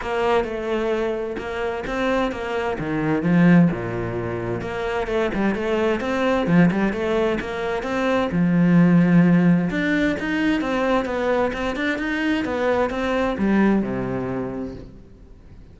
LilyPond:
\new Staff \with { instrumentName = "cello" } { \time 4/4 \tempo 4 = 130 ais4 a2 ais4 | c'4 ais4 dis4 f4 | ais,2 ais4 a8 g8 | a4 c'4 f8 g8 a4 |
ais4 c'4 f2~ | f4 d'4 dis'4 c'4 | b4 c'8 d'8 dis'4 b4 | c'4 g4 c2 | }